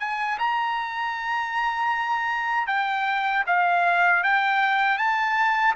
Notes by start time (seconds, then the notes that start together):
0.00 G#5
0.39 A#5
2.67 G5
3.47 F5
4.23 G5
4.98 A5